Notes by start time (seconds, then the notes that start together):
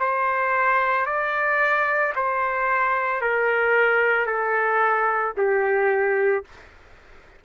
0.00 C5
1.06 D5
2.16 C5
3.21 A#4
4.26 A4
5.37 G4